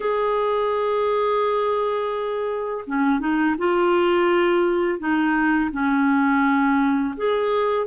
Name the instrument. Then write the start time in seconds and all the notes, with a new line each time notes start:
clarinet
0.00 G#4
2.86 C#4
3.19 D#4
3.57 F4
4.99 D#4
5.71 C#4
7.17 G#4